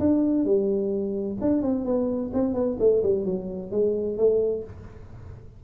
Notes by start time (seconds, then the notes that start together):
0.00 D4
0.46 G3
1.41 D4
1.63 C4
1.85 B3
2.34 C4
2.54 B3
2.80 A3
3.04 G3
3.25 F#3
3.72 G#3
4.18 A3